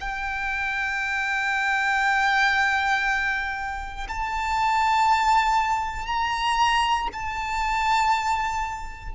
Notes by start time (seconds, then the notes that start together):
0.00 G5
4.08 A5
6.06 A#5
7.12 A5